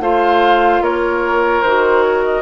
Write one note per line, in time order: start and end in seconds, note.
0.00 0.81 A3
0.00 1.63 F4
0.00 0.82 C5
0.00 0.83 F5
0.81 1.62 A#3
0.81 2.42 A#4
0.81 1.62 C#5
1.62 2.42 D#3
1.62 2.42 F#4
1.62 2.03 C5
2.03 2.23 C#5
2.24 2.42 D#5